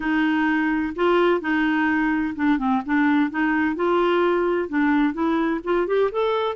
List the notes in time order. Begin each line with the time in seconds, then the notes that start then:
0.00 D#4
0.95 F4
1.40 D#4
2.35 D4
2.58 C4
2.85 D4
3.30 D#4
3.75 F4
4.68 D4
5.13 E4
5.64 F4
5.87 G4
6.11 A4